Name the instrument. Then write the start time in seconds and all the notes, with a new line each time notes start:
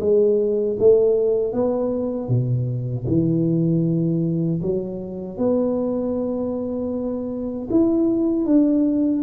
tuba
0.00 G#3
0.79 A3
1.53 B3
2.29 B2
3.07 E3
4.62 F#3
5.38 B3
7.71 E4
8.46 D4